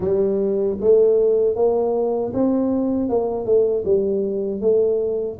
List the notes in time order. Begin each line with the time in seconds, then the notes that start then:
0.00 G3
0.80 A3
1.55 A#3
2.33 C4
3.09 A#3
3.45 A3
3.84 G3
4.60 A3